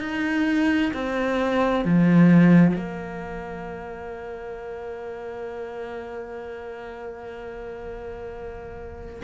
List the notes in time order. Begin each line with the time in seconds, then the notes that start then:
0.00 D#4
0.93 C4
1.85 F3
2.76 A#3